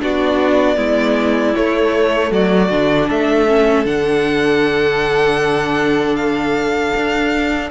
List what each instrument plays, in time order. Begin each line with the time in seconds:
0.00 cello B3, viola D4, violin F#4 D5
0.76 cello G#3, viola B3, violin E4
1.55 viola A3, cello A3, violin C#5
2.31 cello F#3, violin F#4 D5
2.70 cello D3, viola D4
3.09 cello A3, violin A4 E5
3.47 viola C#4
3.85 cello D3, viola D4, violin F#5
6.16 violin F5
6.96 cello D4